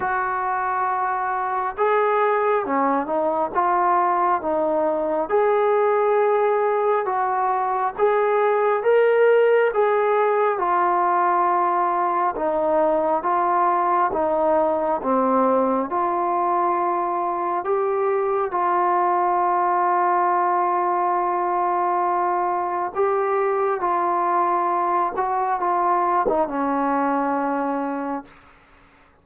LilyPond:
\new Staff \with { instrumentName = "trombone" } { \time 4/4 \tempo 4 = 68 fis'2 gis'4 cis'8 dis'8 | f'4 dis'4 gis'2 | fis'4 gis'4 ais'4 gis'4 | f'2 dis'4 f'4 |
dis'4 c'4 f'2 | g'4 f'2.~ | f'2 g'4 f'4~ | f'8 fis'8 f'8. dis'16 cis'2 | }